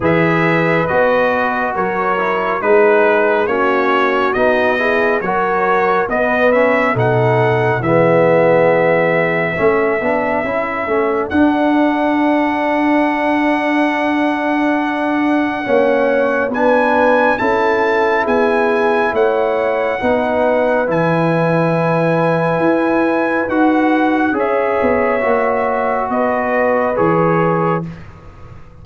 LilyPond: <<
  \new Staff \with { instrumentName = "trumpet" } { \time 4/4 \tempo 4 = 69 e''4 dis''4 cis''4 b'4 | cis''4 dis''4 cis''4 dis''8 e''8 | fis''4 e''2.~ | e''4 fis''2.~ |
fis''2. gis''4 | a''4 gis''4 fis''2 | gis''2. fis''4 | e''2 dis''4 cis''4 | }
  \new Staff \with { instrumentName = "horn" } { \time 4/4 b'2 ais'4 gis'4 | fis'4. gis'8 ais'4 b'4 | a'4 gis'2 a'4~ | a'1~ |
a'2 cis''4 b'4 | a'4 gis'4 cis''4 b'4~ | b'1 | cis''2 b'2 | }
  \new Staff \with { instrumentName = "trombone" } { \time 4/4 gis'4 fis'4. e'8 dis'4 | cis'4 dis'8 e'8 fis'4 b8 cis'8 | dis'4 b2 cis'8 d'8 | e'8 cis'8 d'2.~ |
d'2 cis'4 d'4 | e'2. dis'4 | e'2. fis'4 | gis'4 fis'2 gis'4 | }
  \new Staff \with { instrumentName = "tuba" } { \time 4/4 e4 b4 fis4 gis4 | ais4 b4 fis4 b4 | b,4 e2 a8 b8 | cis'8 a8 d'2.~ |
d'2 ais4 b4 | cis'4 b4 a4 b4 | e2 e'4 dis'4 | cis'8 b8 ais4 b4 e4 | }
>>